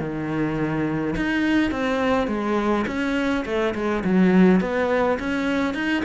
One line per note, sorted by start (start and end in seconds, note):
0.00 1.15 D#3
1.17 1.71 D#4
1.71 2.28 C4
2.28 2.86 G#3
2.87 3.45 C#4
3.46 3.75 A3
3.75 4.04 G#3
4.05 4.61 F#3
4.61 5.19 B3
5.20 5.75 C#4
5.75 6.03 D#4